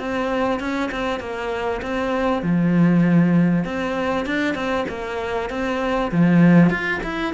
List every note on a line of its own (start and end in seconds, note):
0.00 0.60 C4
0.60 0.91 C#4
0.92 1.20 C4
1.20 1.81 A#3
1.83 2.43 C4
2.43 3.65 F3
3.65 4.26 C4
4.26 4.55 D4
4.55 4.86 C4
4.89 5.50 A#3
5.50 6.12 C4
6.12 6.70 F3
6.70 7.01 F4
7.04 7.34 E4